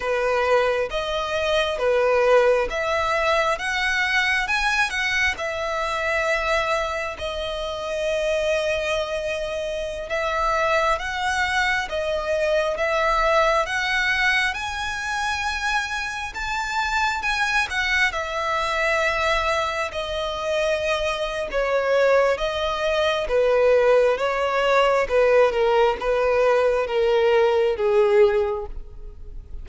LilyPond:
\new Staff \with { instrumentName = "violin" } { \time 4/4 \tempo 4 = 67 b'4 dis''4 b'4 e''4 | fis''4 gis''8 fis''8 e''2 | dis''2.~ dis''16 e''8.~ | e''16 fis''4 dis''4 e''4 fis''8.~ |
fis''16 gis''2 a''4 gis''8 fis''16~ | fis''16 e''2 dis''4.~ dis''16 | cis''4 dis''4 b'4 cis''4 | b'8 ais'8 b'4 ais'4 gis'4 | }